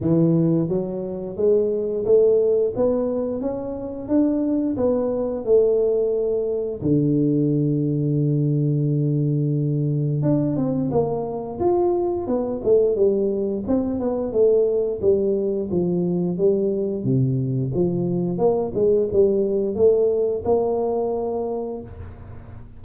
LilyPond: \new Staff \with { instrumentName = "tuba" } { \time 4/4 \tempo 4 = 88 e4 fis4 gis4 a4 | b4 cis'4 d'4 b4 | a2 d2~ | d2. d'8 c'8 |
ais4 f'4 b8 a8 g4 | c'8 b8 a4 g4 f4 | g4 c4 f4 ais8 gis8 | g4 a4 ais2 | }